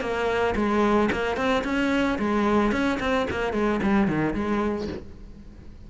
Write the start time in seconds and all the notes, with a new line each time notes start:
0.00 A#3
0.55 G#3
1.12 A#3
1.36 C4
1.64 C#4
2.18 G#3
2.71 C#4
3.00 C4
3.30 A#3
3.53 G#3
3.82 G3
4.08 D#3
4.33 G#3